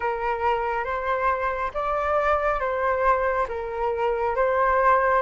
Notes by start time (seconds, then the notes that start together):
0.00 A#4
0.84 C5
1.74 D5
2.59 C5
3.48 A#4
4.35 C5